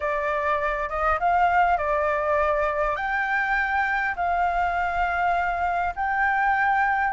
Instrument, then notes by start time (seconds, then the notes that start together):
flute
0.00 D5
0.89 D#5
1.19 F5
1.77 D5
2.95 G5
4.16 F5
5.95 G5